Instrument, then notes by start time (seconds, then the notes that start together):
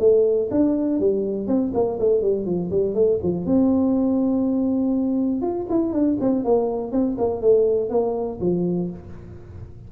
tuba
0.00 A3
0.51 D4
1.00 G3
1.48 C4
1.74 A#3
2.00 A3
2.22 G3
2.46 F3
2.71 G3
2.95 A3
3.23 F3
3.46 C4
5.42 F4
5.70 E4
5.93 D4
6.21 C4
6.45 A#3
6.92 C4
7.18 A#3
7.42 A3
7.90 A#3
8.41 F3